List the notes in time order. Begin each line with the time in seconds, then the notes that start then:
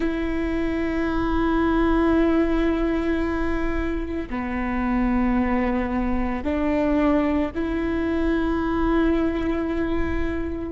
0.00 E4
4.29 B3
6.43 D4
7.54 E4